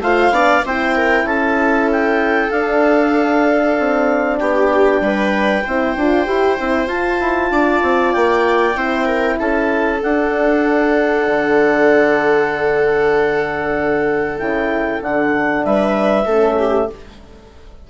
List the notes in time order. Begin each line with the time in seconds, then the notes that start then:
0.00 A3 F4 C5 F5
0.30 B3 D4 D5
0.65 C4 E4 C5 G5
0.95 A#4
1.24 C#4 A4 A5
1.91 G5
2.50 D4 F5
3.79 C4
4.38 B3 G4 G5
5.00 G3 B4
5.64 C4 E4 C5
5.96 D4 F4
6.26 E4 G4
6.57 C4 E4
6.86 F4 A5
7.20 E4
7.50 D4 D5
7.82 C4
8.12 A#3 G5
8.75 C4 E4 C5
9.06 A#4
9.38 C#4 A4 A5
10.01 D4 F#5
11.27 D3
14.38 C#3 E4 G5
15.00 D3 D4 F#5
15.64 G3 B4 E5
16.25 A3 C#4 A4
16.58 G4